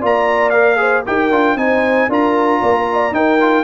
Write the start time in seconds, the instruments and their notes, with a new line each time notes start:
0.00 tuba A#3, trombone F4, horn D5, trumpet A#5
0.50 trombone A#4, trumpet F5
0.77 trombone G#4, horn C5
1.07 tuba D#4, trombone G4, horn A#4, trumpet G5
1.32 tuba D4, trombone F4
1.56 tuba C4, trombone D#4, horn C5, trumpet G#5
2.09 tuba D4, trombone F4, horn A#4, trumpet A#5
2.61 tuba A#3, horn D5
2.76 horn A#4
2.93 horn D5
3.12 tuba D#4, trombone D#4, horn A#4, trumpet G5
3.41 trombone F4